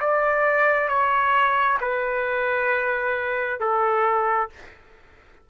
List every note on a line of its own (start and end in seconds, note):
0.00 0.88 D5
0.88 1.78 C#5
1.80 3.59 B4
3.60 4.49 A4